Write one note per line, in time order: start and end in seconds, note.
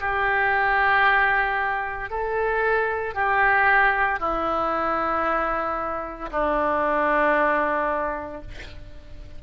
0.00 2.10 G4
2.10 3.15 A4
3.15 4.20 G4
4.20 6.31 E4
6.31 8.42 D4